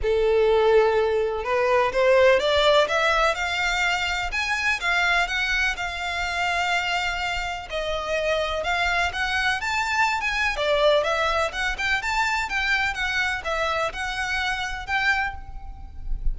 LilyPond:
\new Staff \with { instrumentName = "violin" } { \time 4/4 \tempo 4 = 125 a'2. b'4 | c''4 d''4 e''4 f''4~ | f''4 gis''4 f''4 fis''4 | f''1 |
dis''2 f''4 fis''4 | a''4~ a''16 gis''8. d''4 e''4 | fis''8 g''8 a''4 g''4 fis''4 | e''4 fis''2 g''4 | }